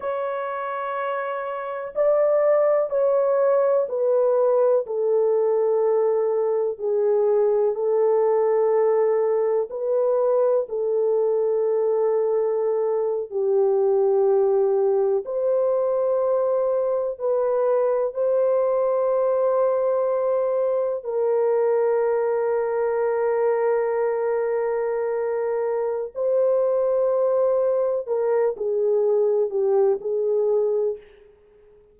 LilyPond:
\new Staff \with { instrumentName = "horn" } { \time 4/4 \tempo 4 = 62 cis''2 d''4 cis''4 | b'4 a'2 gis'4 | a'2 b'4 a'4~ | a'4.~ a'16 g'2 c''16~ |
c''4.~ c''16 b'4 c''4~ c''16~ | c''4.~ c''16 ais'2~ ais'16~ | ais'2. c''4~ | c''4 ais'8 gis'4 g'8 gis'4 | }